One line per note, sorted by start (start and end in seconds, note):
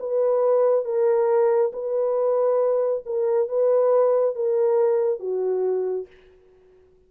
0.00 0.85 B4
0.85 1.72 A#4
1.73 3.04 B4
3.06 3.49 A#4
3.49 4.36 B4
4.36 5.20 A#4
5.20 6.07 F#4